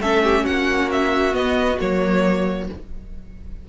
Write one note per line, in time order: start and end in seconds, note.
0.00 0.44 A3
0.00 1.33 C#4
0.00 0.24 A4
0.00 0.46 E5
0.24 0.44 G4
0.44 1.34 A#3
0.44 2.65 F#4
0.44 0.90 F#5
0.92 1.35 E5
1.33 1.77 B3
1.33 1.79 B3
1.33 1.79 D#5
1.80 2.69 F#3
1.80 2.68 A#3
1.80 2.69 C#5